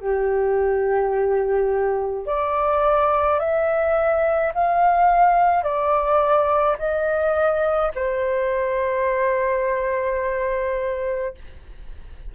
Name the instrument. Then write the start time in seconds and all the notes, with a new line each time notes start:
flute
0.00 G4
2.26 D5
3.40 E5
4.54 F5
5.63 D5
6.79 D#5
7.95 C5